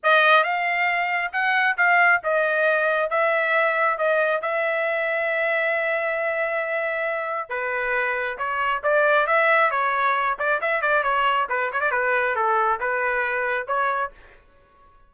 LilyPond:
\new Staff \with { instrumentName = "trumpet" } { \time 4/4 \tempo 4 = 136 dis''4 f''2 fis''4 | f''4 dis''2 e''4~ | e''4 dis''4 e''2~ | e''1~ |
e''4 b'2 cis''4 | d''4 e''4 cis''4. d''8 | e''8 d''8 cis''4 b'8 cis''16 d''16 b'4 | a'4 b'2 cis''4 | }